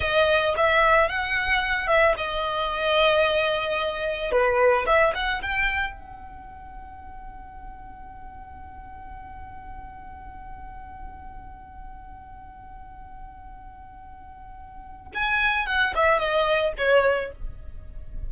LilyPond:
\new Staff \with { instrumentName = "violin" } { \time 4/4 \tempo 4 = 111 dis''4 e''4 fis''4. e''8 | dis''1 | b'4 e''8 fis''8 g''4 fis''4~ | fis''1~ |
fis''1~ | fis''1~ | fis''1 | gis''4 fis''8 e''8 dis''4 cis''4 | }